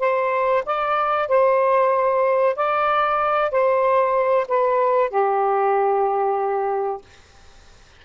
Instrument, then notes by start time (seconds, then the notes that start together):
saxophone
0.00 C5
0.66 D5
1.29 C5
2.56 D5
3.51 C5
4.48 B4
5.10 G4